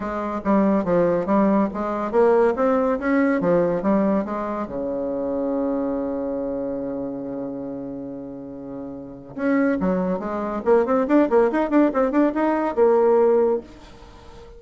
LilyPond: \new Staff \with { instrumentName = "bassoon" } { \time 4/4 \tempo 4 = 141 gis4 g4 f4 g4 | gis4 ais4 c'4 cis'4 | f4 g4 gis4 cis4~ | cis1~ |
cis1~ | cis2 cis'4 fis4 | gis4 ais8 c'8 d'8 ais8 dis'8 d'8 | c'8 d'8 dis'4 ais2 | }